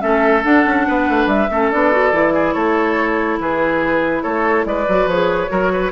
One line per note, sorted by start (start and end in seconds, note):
0.00 0.44 A3
0.00 0.42 C#4
0.00 0.87 A4
0.00 0.43 E5
0.43 1.49 D4
0.43 0.65 D4
0.43 1.28 F#5
0.66 0.87 C#4
0.87 1.08 B3
0.87 1.50 B4
1.08 1.26 A3
1.26 1.48 G3
1.26 1.70 E5
1.50 1.71 A3
1.50 1.72 C#4
1.50 2.34 A4
1.71 2.12 B3
1.71 1.92 D4
1.71 2.53 D5
1.92 2.13 F#4
2.12 2.55 E3
2.12 4.87 E4
2.34 2.54 G#4
2.53 3.39 A3
2.53 3.38 A4
2.53 3.38 C#5
3.39 4.24 E3
3.39 4.22 G#4
3.39 4.23 B4
4.22 4.65 A3
4.22 4.65 A4
4.22 4.65 C#5
4.65 4.86 G#3
4.65 5.51 B4
4.65 5.08 D5
4.88 5.06 F#3
4.88 5.10 F#4
5.06 5.48 F3
5.06 5.47 G#4
5.06 5.92 C#5
5.47 5.92 F#3
5.47 5.90 F#4
5.47 5.72 A#4
5.72 5.92 B4